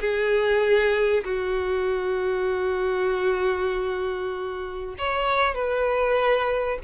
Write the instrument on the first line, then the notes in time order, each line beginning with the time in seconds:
violin
0.00 G#4
1.24 F#4
4.98 C#5
5.54 B4